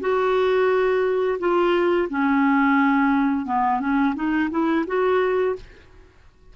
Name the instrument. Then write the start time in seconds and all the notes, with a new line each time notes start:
clarinet
0.00 F#4
1.39 F4
2.09 C#4
3.45 B3
3.80 C#4
4.15 D#4
4.50 E4
4.87 F#4